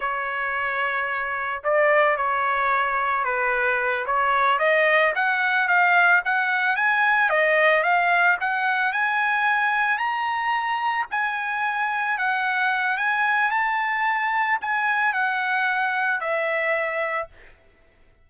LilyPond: \new Staff \with { instrumentName = "trumpet" } { \time 4/4 \tempo 4 = 111 cis''2. d''4 | cis''2 b'4. cis''8~ | cis''8 dis''4 fis''4 f''4 fis''8~ | fis''8 gis''4 dis''4 f''4 fis''8~ |
fis''8 gis''2 ais''4.~ | ais''8 gis''2 fis''4. | gis''4 a''2 gis''4 | fis''2 e''2 | }